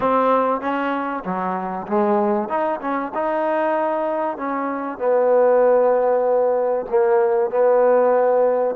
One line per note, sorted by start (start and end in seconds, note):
0.00 0.61 C4
0.61 1.23 C#4
1.24 1.87 F#3
1.87 2.48 G#3
2.48 2.80 D#4
2.80 3.12 C#4
3.14 4.37 D#4
4.37 4.98 C#4
4.98 6.86 B3
6.89 7.50 A#3
7.50 8.75 B3